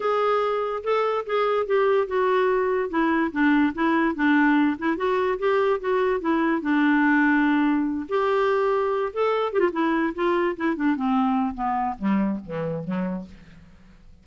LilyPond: \new Staff \with { instrumentName = "clarinet" } { \time 4/4 \tempo 4 = 145 gis'2 a'4 gis'4 | g'4 fis'2 e'4 | d'4 e'4 d'4. e'8 | fis'4 g'4 fis'4 e'4 |
d'2.~ d'8 g'8~ | g'2 a'4 g'16 f'16 e'8~ | e'8 f'4 e'8 d'8 c'4. | b4 g4 e4 fis4 | }